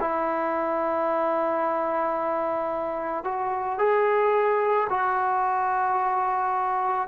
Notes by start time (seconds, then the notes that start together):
0.00 E4
3.24 F#4
3.78 G#4
4.89 F#4